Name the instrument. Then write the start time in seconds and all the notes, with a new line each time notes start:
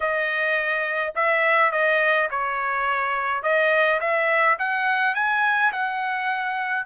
trumpet
0.00 D#5
1.15 E5
1.71 D#5
2.30 C#5
3.42 D#5
4.00 E5
4.58 F#5
5.14 G#5
5.72 F#5